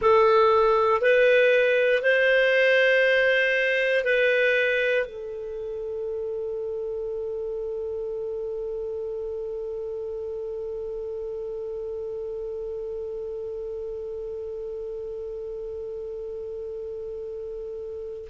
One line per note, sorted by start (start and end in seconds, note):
0.01 1.01 A4
1.01 2.02 B4
2.02 4.04 C5
4.04 5.06 B4
5.06 18.28 A4